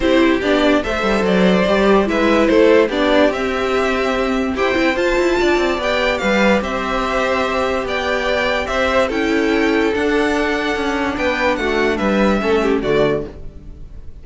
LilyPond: <<
  \new Staff \with { instrumentName = "violin" } { \time 4/4 \tempo 4 = 145 c''4 d''4 e''4 d''4~ | d''4 e''4 c''4 d''4 | e''2. g''4 | a''2 g''4 f''4 |
e''2. g''4~ | g''4 e''4 g''2 | fis''2. g''4 | fis''4 e''2 d''4 | }
  \new Staff \with { instrumentName = "violin" } { \time 4/4 g'2 c''2~ | c''4 b'4 a'4 g'4~ | g'2. c''4~ | c''4 d''2 b'4 |
c''2. d''4~ | d''4 c''4 a'2~ | a'2. b'4 | fis'4 b'4 a'8 g'8 fis'4 | }
  \new Staff \with { instrumentName = "viola" } { \time 4/4 e'4 d'4 a'2 | g'4 e'2 d'4 | c'2. g'8 e'8 | f'2 g'2~ |
g'1~ | g'2 e'2 | d'1~ | d'2 cis'4 a4 | }
  \new Staff \with { instrumentName = "cello" } { \time 4/4 c'4 b4 a8 g8 fis4 | g4 gis4 a4 b4 | c'2. e'8 c'8 | f'8 e'8 d'8 c'8 b4 g4 |
c'2. b4~ | b4 c'4 cis'2 | d'2 cis'4 b4 | a4 g4 a4 d4 | }
>>